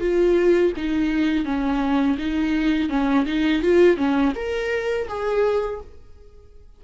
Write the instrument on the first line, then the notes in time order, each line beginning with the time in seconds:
viola
0.00 F4
0.76 D#4
1.45 C#4
2.18 D#4
2.89 C#4
3.26 D#4
3.62 F4
3.97 C#4
4.35 A#4
5.08 G#4